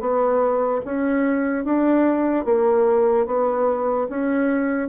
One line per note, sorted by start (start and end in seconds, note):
0.00 0.81 B3
0.85 1.64 C#4
1.64 2.45 D4
2.45 3.26 A#3
3.26 4.07 B3
4.09 4.88 C#4